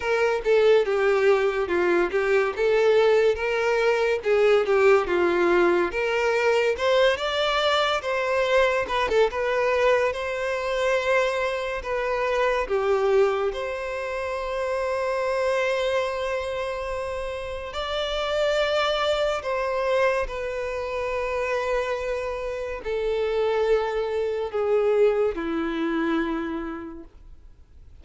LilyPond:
\new Staff \with { instrumentName = "violin" } { \time 4/4 \tempo 4 = 71 ais'8 a'8 g'4 f'8 g'8 a'4 | ais'4 gis'8 g'8 f'4 ais'4 | c''8 d''4 c''4 b'16 a'16 b'4 | c''2 b'4 g'4 |
c''1~ | c''4 d''2 c''4 | b'2. a'4~ | a'4 gis'4 e'2 | }